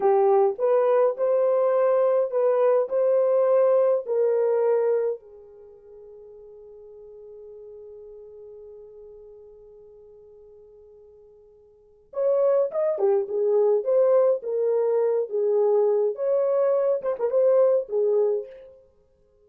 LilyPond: \new Staff \with { instrumentName = "horn" } { \time 4/4 \tempo 4 = 104 g'4 b'4 c''2 | b'4 c''2 ais'4~ | ais'4 gis'2.~ | gis'1~ |
gis'1~ | gis'4 cis''4 dis''8 g'8 gis'4 | c''4 ais'4. gis'4. | cis''4. c''16 ais'16 c''4 gis'4 | }